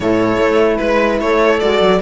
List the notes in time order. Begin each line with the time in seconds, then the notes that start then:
0.00 A2 E4 A4 C#5
0.38 A3
0.77 G#3 B4
1.20 A3 A4 C#5
1.59 G#3 F#4 D5
1.80 F#3